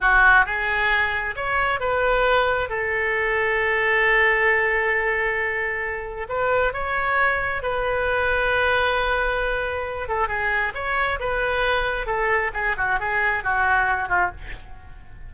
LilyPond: \new Staff \with { instrumentName = "oboe" } { \time 4/4 \tempo 4 = 134 fis'4 gis'2 cis''4 | b'2 a'2~ | a'1~ | a'2 b'4 cis''4~ |
cis''4 b'2.~ | b'2~ b'8 a'8 gis'4 | cis''4 b'2 a'4 | gis'8 fis'8 gis'4 fis'4. f'8 | }